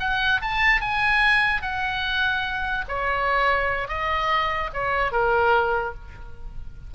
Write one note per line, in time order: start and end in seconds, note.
0.00 0.41 F#5
0.42 0.81 A5
0.81 1.62 G#5
1.62 2.85 F#5
2.89 3.88 C#5
3.88 4.71 D#5
4.74 5.12 C#5
5.12 5.94 A#4